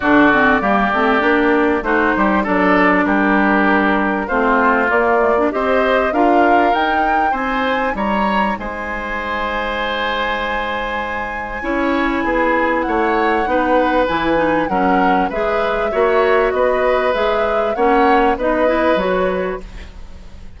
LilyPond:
<<
  \new Staff \with { instrumentName = "flute" } { \time 4/4 \tempo 4 = 98 d''2. c''4 | d''4 ais'2 c''4 | d''4 dis''4 f''4 g''4 | gis''4 ais''4 gis''2~ |
gis''1~ | gis''4 fis''2 gis''4 | fis''4 e''2 dis''4 | e''4 fis''4 dis''4 cis''4 | }
  \new Staff \with { instrumentName = "oboe" } { \time 4/4 fis'4 g'2 fis'8 g'8 | a'4 g'2 f'4~ | f'4 c''4 ais'2 | c''4 cis''4 c''2~ |
c''2. cis''4 | gis'4 cis''4 b'2 | ais'4 b'4 cis''4 b'4~ | b'4 cis''4 b'2 | }
  \new Staff \with { instrumentName = "clarinet" } { \time 4/4 d'8 c'8 ais8 c'8 d'4 dis'4 | d'2. c'4 | ais8 a16 d'16 g'4 f'4 dis'4~ | dis'1~ |
dis'2. e'4~ | e'2 dis'4 e'8 dis'8 | cis'4 gis'4 fis'2 | gis'4 cis'4 dis'8 e'8 fis'4 | }
  \new Staff \with { instrumentName = "bassoon" } { \time 4/4 d4 g8 a8 ais4 a8 g8 | fis4 g2 a4 | ais4 c'4 d'4 dis'4 | c'4 g4 gis2~ |
gis2. cis'4 | b4 a4 b4 e4 | fis4 gis4 ais4 b4 | gis4 ais4 b4 fis4 | }
>>